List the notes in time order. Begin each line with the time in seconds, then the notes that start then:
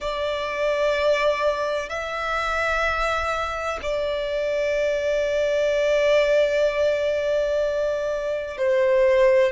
0.00 D5
1.89 E5
3.82 D5
8.57 C5